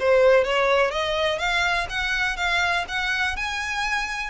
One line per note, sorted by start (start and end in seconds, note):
0.00 0.44 C5
0.44 0.91 C#5
0.91 1.39 D#5
1.39 1.87 F5
1.89 2.37 F#5
2.37 2.85 F5
2.89 3.37 F#5
3.37 4.30 G#5